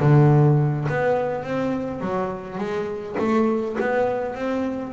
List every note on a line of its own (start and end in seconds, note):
0.00 0.87 D3
0.89 1.44 B3
1.44 2.01 C4
2.01 2.58 F#3
2.58 3.16 G#3
3.19 3.77 A3
3.80 4.35 B3
4.35 4.93 C4